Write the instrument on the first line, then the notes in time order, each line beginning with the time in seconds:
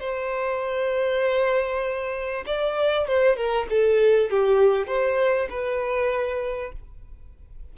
violin
0.00 C5
2.47 D5
3.08 C5
3.36 A#4
3.70 A4
4.30 G4
4.87 C5
5.50 B4